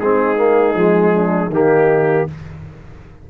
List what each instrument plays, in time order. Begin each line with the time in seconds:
0.00 tuba G#3, trombone C4, horn D#4, trumpet G#4
0.37 trombone A#3
0.75 tuba F3, trombone G#3
1.14 horn D4
1.48 tuba D#3, trombone A#3, horn D#4
1.54 trumpet G4